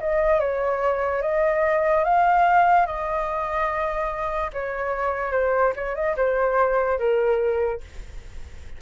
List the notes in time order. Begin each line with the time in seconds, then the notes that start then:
0.00 D#5
0.40 C#5
1.22 D#5
2.04 F5
2.86 D#5
4.53 C#5
5.32 C5
5.76 C#5
5.95 D#5
6.16 C5
6.98 A#4